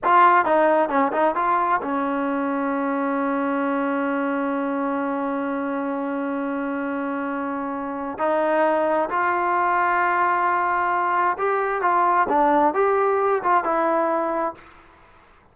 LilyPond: \new Staff \with { instrumentName = "trombone" } { \time 4/4 \tempo 4 = 132 f'4 dis'4 cis'8 dis'8 f'4 | cis'1~ | cis'1~ | cis'1~ |
cis'2 dis'2 | f'1~ | f'4 g'4 f'4 d'4 | g'4. f'8 e'2 | }